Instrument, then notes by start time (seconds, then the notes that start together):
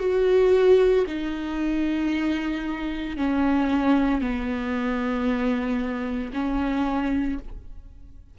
viola
0.00 F#4
1.07 D#4
3.17 C#4
4.21 B3
6.33 C#4